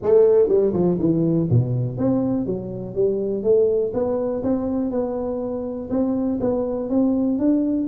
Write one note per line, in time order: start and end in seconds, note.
0.02 0.48 A3
0.48 0.72 G3
0.73 0.97 F3
0.99 1.48 E3
1.50 1.97 B2
1.97 2.46 C4
2.46 2.94 F#3
2.94 3.43 G3
3.43 3.92 A3
3.93 4.42 B3
4.43 4.90 C4
4.90 5.89 B3
5.90 6.39 C4
6.40 6.89 B3
6.89 7.38 C4
7.38 7.87 D4